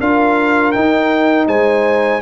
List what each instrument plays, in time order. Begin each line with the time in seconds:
0.00 tuba D4, trombone F4, horn A#4, trumpet F5
0.72 trombone D#4, tuba D#4, trumpet G5
1.48 tuba G#3, horn C5, trumpet G#5